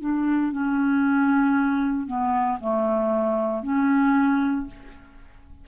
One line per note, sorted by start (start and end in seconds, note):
0.00 0.52 D4
0.52 2.06 C#4
2.06 2.58 B3
2.60 3.63 A3
3.63 4.66 C#4